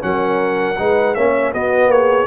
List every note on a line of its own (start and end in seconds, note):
0.00 0.78 F#3
0.00 0.75 C#4
0.00 0.80 A#4
0.00 1.15 F#5
0.79 1.16 G#3
0.79 1.16 D#4
0.79 1.16 B4
1.15 1.54 A#3
1.15 1.54 C#4
1.15 1.53 C#5
1.15 1.52 E5
1.53 1.88 B3
1.53 2.27 B3
1.53 1.91 F#4
1.53 1.91 D#5
1.88 2.25 A#3
1.88 2.27 G#4
1.88 2.27 C#5